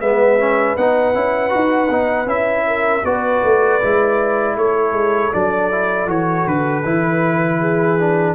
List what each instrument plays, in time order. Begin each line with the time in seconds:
0.00 tuba G#3, trombone B3, horn B4, trumpet E5
0.39 trombone C#4
0.77 tuba B3, trombone D#4, trumpet F#5
1.14 tuba C#4, trombone E4
1.49 tuba D#4, trombone F#4
1.89 tuba B3, trombone D#4
2.26 tuba C#4, trombone E4, trumpet E5
2.67 horn A#4
3.04 tuba B3, trombone F#4, horn B4, trumpet D5
3.43 tuba A3
3.81 tuba G#3, trombone E4
4.56 tuba A3, horn A4, trumpet C#5
4.91 tuba G#3
5.33 tuba F#3, trombone D4, trumpet D5
5.71 trombone E4
6.07 tuba E3, trombone F#4, trumpet C#5
6.46 tuba D3, trumpet B4
6.84 tuba E3, trombone E4
7.59 horn G#4
7.99 trombone D4